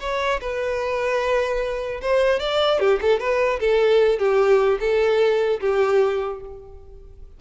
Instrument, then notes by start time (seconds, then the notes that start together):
violin
0.00 C#5
0.40 B4
2.01 C5
2.39 D5
2.79 G4
3.01 A4
3.19 B4
3.60 A4
4.18 G4
4.80 A4
5.60 G4